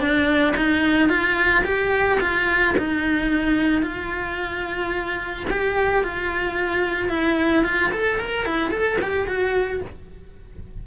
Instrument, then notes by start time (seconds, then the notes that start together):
cello
0.00 D4
0.57 D#4
1.09 F4
1.64 G4
2.20 F4
2.78 D#4
3.82 F4
5.50 G4
6.04 F4
7.09 E4
7.64 F4
7.92 A4
8.20 A#4
8.46 E4
8.71 A4
9.01 G4
9.27 F#4